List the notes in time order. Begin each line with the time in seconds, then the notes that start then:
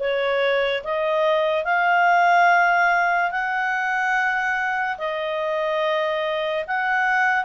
0.00 C#5
0.84 D#5
1.65 F5
3.31 F#5
4.98 D#5
6.67 F#5